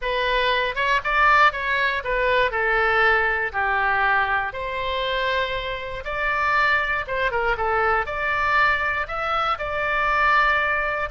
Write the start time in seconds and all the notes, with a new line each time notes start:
0.01 B4
0.75 C#5
1.04 D5
1.52 C#5
2.04 B4
2.51 A4
3.52 G4
4.52 C5
6.04 D5
7.07 C5
7.31 A#4
7.57 A4
8.06 D5
9.07 E5
9.58 D5